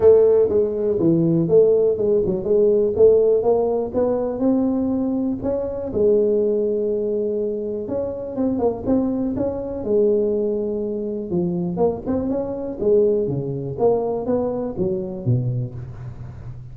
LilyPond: \new Staff \with { instrumentName = "tuba" } { \time 4/4 \tempo 4 = 122 a4 gis4 e4 a4 | gis8 fis8 gis4 a4 ais4 | b4 c'2 cis'4 | gis1 |
cis'4 c'8 ais8 c'4 cis'4 | gis2. f4 | ais8 c'8 cis'4 gis4 cis4 | ais4 b4 fis4 b,4 | }